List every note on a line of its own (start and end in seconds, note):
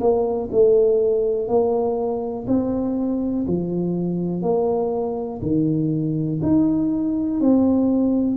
0.00 0.49 A#3
0.52 1.48 A3
1.48 2.46 A#3
2.48 3.46 C4
3.48 4.42 F3
4.42 5.41 A#3
5.42 6.41 D#3
6.43 7.40 D#4
7.40 8.37 C4